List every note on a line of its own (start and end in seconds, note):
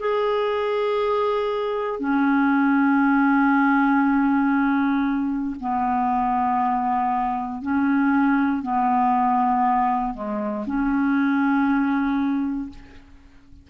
0.00 2.00 G#4
2.00 5.56 C#4
5.60 7.62 B3
7.62 8.63 C#4
8.63 10.14 B3
10.14 10.65 G#3
10.66 12.70 C#4